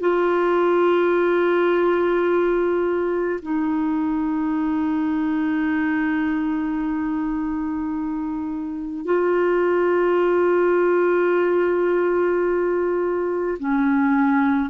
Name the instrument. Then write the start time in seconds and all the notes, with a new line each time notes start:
clarinet
0.00 F4
3.43 D#4
9.05 F4
13.59 C#4